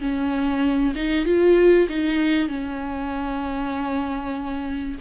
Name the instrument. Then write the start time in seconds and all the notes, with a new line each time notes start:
viola
0.00 C#4
0.95 D#4
1.25 F4
1.89 D#4
2.48 C#4